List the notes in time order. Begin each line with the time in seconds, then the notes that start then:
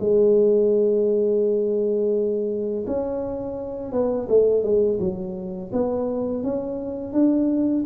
0.00 G#3
2.87 C#4
3.93 B3
4.29 A3
4.64 G#3
5.00 F#3
5.73 B3
6.44 C#4
7.13 D4